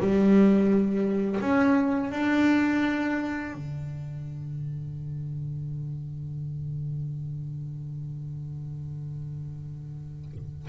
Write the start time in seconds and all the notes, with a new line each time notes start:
0.00 G3
1.41 C#4
2.11 D4
3.55 D3